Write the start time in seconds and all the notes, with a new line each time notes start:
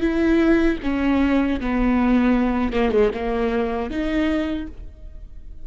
0.00 E4
0.83 C#4
1.60 B3
2.73 A#3
2.92 G#3
3.14 A#3
3.90 D#4